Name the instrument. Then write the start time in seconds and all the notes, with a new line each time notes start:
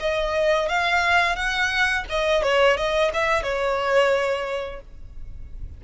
violin
0.00 D#5
0.69 F5
1.36 F#5
2.10 D#5
2.43 C#5
2.77 D#5
3.14 E5
3.44 C#5